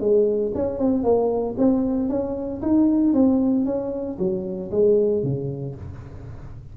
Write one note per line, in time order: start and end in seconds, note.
0.00 0.52 G#3
0.55 0.79 C#4
0.79 1.03 C4
1.03 1.56 A#3
1.58 2.09 C4
2.09 2.61 C#4
2.62 3.14 D#4
3.14 3.65 C4
3.65 4.18 C#4
4.19 4.71 F#3
4.71 5.23 G#3
5.23 5.75 C#3